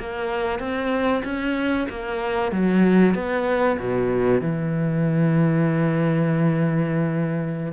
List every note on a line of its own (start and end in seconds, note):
0.00 0.60 A#3
0.60 1.23 C4
1.25 1.88 C#4
1.90 2.52 A#3
2.52 3.15 F#3
3.15 3.78 B3
3.80 4.42 B2
4.42 7.73 E3